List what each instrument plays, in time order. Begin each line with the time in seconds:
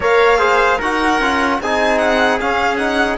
0.00 cello A#3, trombone A#4, trumpet C#5, violin F5
0.38 trombone G#4, trumpet C5
0.78 cello D#4, trombone F#4, trumpet A#4, violin F#5
1.19 cello C#4, trombone F4
1.60 cello C4, trombone D#4, trumpet G#4, violin G#5
1.98 violin F#5
2.41 trombone C#4, cello C#4, violin F5
2.76 trombone D#4, violin F#5